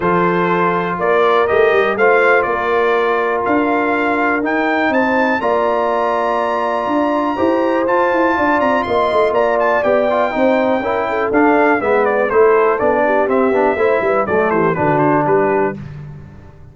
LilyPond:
<<
  \new Staff \with { instrumentName = "trumpet" } { \time 4/4 \tempo 4 = 122 c''2 d''4 dis''4 | f''4 d''2 f''4~ | f''4 g''4 a''4 ais''4~ | ais''1 |
a''4. ais''8 c'''4 ais''8 a''8 | g''2. f''4 | e''8 d''8 c''4 d''4 e''4~ | e''4 d''8 c''8 b'8 c''8 b'4 | }
  \new Staff \with { instrumentName = "horn" } { \time 4/4 a'2 ais'2 | c''4 ais'2.~ | ais'2 c''4 d''4~ | d''2. c''4~ |
c''4 d''4 dis''4 d''4~ | d''4 c''4 ais'8 a'4. | b'4 a'4. g'4. | c''8 b'8 a'8 g'8 fis'4 g'4 | }
  \new Staff \with { instrumentName = "trombone" } { \time 4/4 f'2. g'4 | f'1~ | f'4 dis'2 f'4~ | f'2. g'4 |
f'1 | g'8 f'8 dis'4 e'4 d'4 | b4 e'4 d'4 c'8 d'8 | e'4 a4 d'2 | }
  \new Staff \with { instrumentName = "tuba" } { \time 4/4 f2 ais4 a8 g8 | a4 ais2 d'4~ | d'4 dis'4 c'4 ais4~ | ais2 d'4 e'4 |
f'8 e'8 d'8 c'8 ais8 a8 ais4 | b4 c'4 cis'4 d'4 | gis4 a4 b4 c'8 b8 | a8 g8 fis8 e8 d4 g4 | }
>>